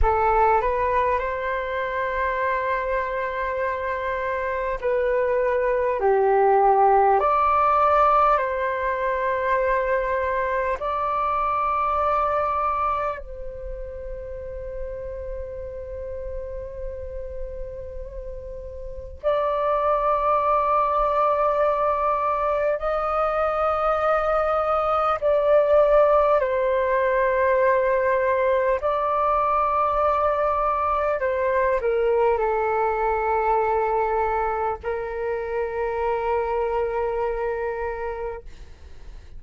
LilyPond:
\new Staff \with { instrumentName = "flute" } { \time 4/4 \tempo 4 = 50 a'8 b'8 c''2. | b'4 g'4 d''4 c''4~ | c''4 d''2 c''4~ | c''1 |
d''2. dis''4~ | dis''4 d''4 c''2 | d''2 c''8 ais'8 a'4~ | a'4 ais'2. | }